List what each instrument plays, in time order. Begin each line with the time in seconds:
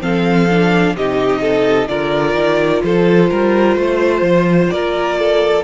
0.00 cello F3, viola C4, violin A4 F5
0.50 viola D4
0.95 cello C3, viola D#4, violin G4 D#5
1.41 violin A4
1.88 cello D3, viola F4, violin A#4 D5
2.34 cello D#3
2.84 cello F3, violin A4 C5
3.30 cello G3, violin A#4
3.76 cello A3, violin C5
4.22 cello F3
4.70 cello A#3, violin A#4 D5
5.19 violin A4